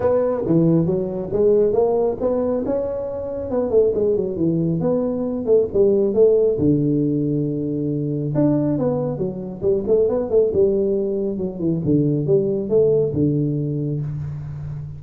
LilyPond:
\new Staff \with { instrumentName = "tuba" } { \time 4/4 \tempo 4 = 137 b4 e4 fis4 gis4 | ais4 b4 cis'2 | b8 a8 gis8 fis8 e4 b4~ | b8 a8 g4 a4 d4~ |
d2. d'4 | b4 fis4 g8 a8 b8 a8 | g2 fis8 e8 d4 | g4 a4 d2 | }